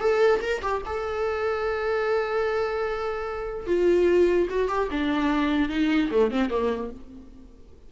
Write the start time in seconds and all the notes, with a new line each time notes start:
0.00 A4
0.41 A#4
0.62 G4
0.86 A4
3.67 F4
4.50 F#4
4.68 G4
4.91 D4
5.69 D#4
6.11 A3
6.31 C4
6.50 A#3